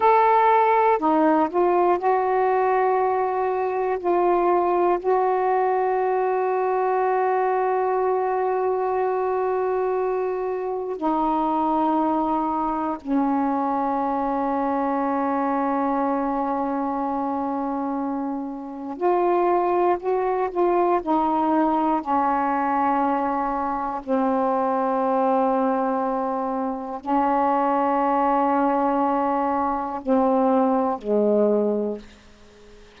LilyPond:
\new Staff \with { instrumentName = "saxophone" } { \time 4/4 \tempo 4 = 60 a'4 dis'8 f'8 fis'2 | f'4 fis'2.~ | fis'2. dis'4~ | dis'4 cis'2.~ |
cis'2. f'4 | fis'8 f'8 dis'4 cis'2 | c'2. cis'4~ | cis'2 c'4 gis4 | }